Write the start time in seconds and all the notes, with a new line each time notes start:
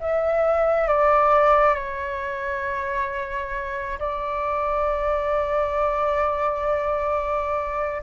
0.00 E5
0.88 D5
1.75 C#5
3.99 D5